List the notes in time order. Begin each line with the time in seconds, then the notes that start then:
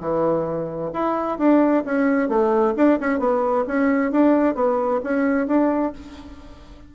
0.00 E3
0.93 E4
1.38 D4
1.85 C#4
2.29 A3
2.76 D4
3.00 C#4
3.19 B3
3.67 C#4
4.12 D4
4.55 B3
5.04 C#4
5.47 D4